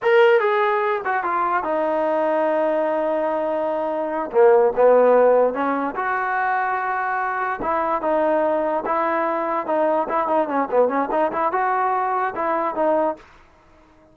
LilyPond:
\new Staff \with { instrumentName = "trombone" } { \time 4/4 \tempo 4 = 146 ais'4 gis'4. fis'8 f'4 | dis'1~ | dis'2~ dis'8 ais4 b8~ | b4. cis'4 fis'4.~ |
fis'2~ fis'8 e'4 dis'8~ | dis'4. e'2 dis'8~ | dis'8 e'8 dis'8 cis'8 b8 cis'8 dis'8 e'8 | fis'2 e'4 dis'4 | }